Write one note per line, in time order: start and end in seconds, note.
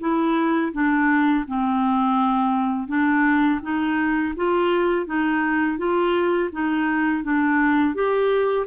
0.00 0.72 E4
0.73 1.45 D4
1.48 2.88 C4
2.88 3.60 D4
3.62 4.34 D#4
4.36 5.07 F4
5.07 5.78 D#4
5.78 6.50 F4
6.52 7.24 D#4
7.24 7.95 D4
7.95 8.67 G4